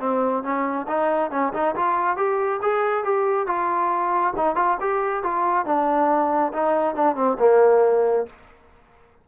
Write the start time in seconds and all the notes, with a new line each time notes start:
0.00 C4
0.43 C#4
0.88 D#4
1.31 C#4
1.54 D#4
1.76 F4
2.17 G4
2.62 G#4
3.05 G4
3.47 F4
4.37 D#4
4.56 F4
4.81 G4
5.24 F4
5.66 D4
6.53 D#4
6.96 D4
7.16 C4
7.40 A#3